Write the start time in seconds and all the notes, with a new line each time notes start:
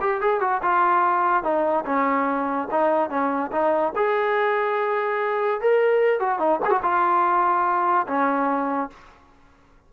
0.00 G4
0.21 G#4
0.40 F#4
0.62 F4
1.43 D#4
1.85 C#4
2.70 D#4
3.09 C#4
3.51 D#4
3.95 G#4
5.61 A#4
6.19 F#4
6.39 D#4
6.65 F#4 G#4
6.82 F4
8.07 C#4